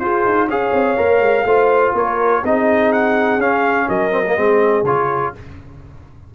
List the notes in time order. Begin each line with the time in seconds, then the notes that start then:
0.00 F4 G#4 C5
0.26 D#4
0.48 C#4 G#4 C#5 F5
0.73 C4
0.98 A#3 A#4
1.20 G#3
1.44 A3 F4 C5
1.94 A#3 A#4 C#5
2.44 C4 D#4 G#4 D#5
2.93 F#5
3.38 C#4 F5
3.88 F#3 A#4 D#5
4.11 C4
4.27 A#3
4.36 G#3 C4 G#4
4.83 C#3 F4 C#5